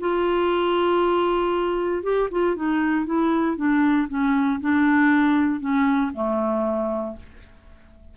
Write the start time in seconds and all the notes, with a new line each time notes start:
0.00 F4
2.03 G4
2.31 F4
2.56 D#4
3.06 E4
3.57 D4
4.09 C#4
4.61 D4
5.60 C#4
6.14 A3